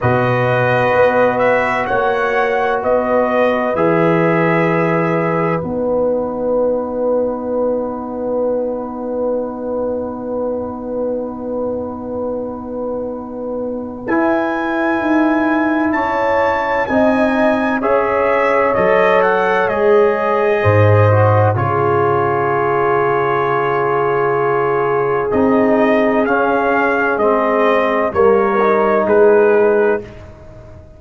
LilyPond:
<<
  \new Staff \with { instrumentName = "trumpet" } { \time 4/4 \tempo 4 = 64 dis''4. e''8 fis''4 dis''4 | e''2 fis''2~ | fis''1~ | fis''2. gis''4~ |
gis''4 a''4 gis''4 e''4 | dis''8 fis''8 dis''2 cis''4~ | cis''2. dis''4 | f''4 dis''4 cis''4 b'4 | }
  \new Staff \with { instrumentName = "horn" } { \time 4/4 b'2 cis''4 b'4~ | b'1~ | b'1~ | b'1~ |
b'4 cis''4 dis''4 cis''4~ | cis''2 c''4 gis'4~ | gis'1~ | gis'2 ais'4 gis'4 | }
  \new Staff \with { instrumentName = "trombone" } { \time 4/4 fis'1 | gis'2 dis'2~ | dis'1~ | dis'2. e'4~ |
e'2 dis'4 gis'4 | a'4 gis'4. fis'8 f'4~ | f'2. dis'4 | cis'4 c'4 ais8 dis'4. | }
  \new Staff \with { instrumentName = "tuba" } { \time 4/4 b,4 b4 ais4 b4 | e2 b2~ | b1~ | b2. e'4 |
dis'4 cis'4 c'4 cis'4 | fis4 gis4 gis,4 cis4~ | cis2. c'4 | cis'4 gis4 g4 gis4 | }
>>